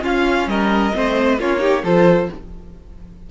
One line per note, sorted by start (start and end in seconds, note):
0.00 0.91 C#4
0.00 0.46 C#4
0.00 0.48 F4
0.00 0.48 F5
0.46 0.92 G3
0.46 0.95 A#4
0.46 1.39 D#5
0.93 1.39 A3
0.93 1.38 C4
0.93 1.40 C5
1.39 1.83 A#3
1.39 1.58 C#4
1.39 1.59 F4
1.39 1.84 C#5
1.58 1.81 D#4
1.58 1.82 G4
1.83 2.28 F3
1.83 2.30 F4
1.83 2.29 A4
1.83 2.30 C5